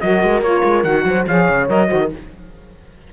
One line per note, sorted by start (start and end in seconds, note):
0.00 0.23 F#3
0.00 0.43 F#4
0.00 1.06 A#4
0.00 0.42 D#5
0.23 0.41 G#3
0.41 0.62 A#3
0.41 0.84 F4
0.41 0.83 C#5
0.64 0.84 G#3
0.83 1.05 D#3
0.83 1.26 F#4
0.83 1.25 F#5
1.05 1.26 F#3
1.05 1.27 C5
1.27 1.48 F3
1.27 1.67 G#4
1.27 1.89 C#5
1.27 1.69 F5
1.49 1.69 C#3
1.67 1.90 F#3
1.67 1.87 A#4
1.67 2.12 D#5
1.87 2.13 D#3
1.87 2.08 F#4
1.87 1.99 C5
2.01 2.12 A#4